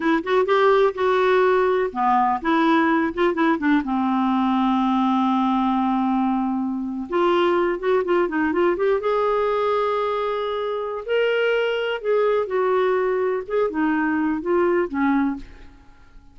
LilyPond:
\new Staff \with { instrumentName = "clarinet" } { \time 4/4 \tempo 4 = 125 e'8 fis'8 g'4 fis'2 | b4 e'4. f'8 e'8 d'8 | c'1~ | c'2~ c'8. f'4~ f'16~ |
f'16 fis'8 f'8 dis'8 f'8 g'8 gis'4~ gis'16~ | gis'2. ais'4~ | ais'4 gis'4 fis'2 | gis'8 dis'4. f'4 cis'4 | }